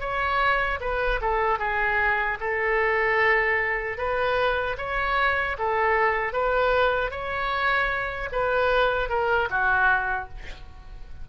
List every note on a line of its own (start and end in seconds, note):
0.00 0.79 C#5
0.80 1.20 B4
1.21 1.59 A4
1.59 2.38 G#4
2.40 3.97 A4
3.97 4.76 B4
4.78 5.57 C#5
5.58 6.33 A4
6.33 7.11 B4
7.11 8.29 C#5
8.31 9.09 B4
9.09 9.48 A#4
9.50 10.28 F#4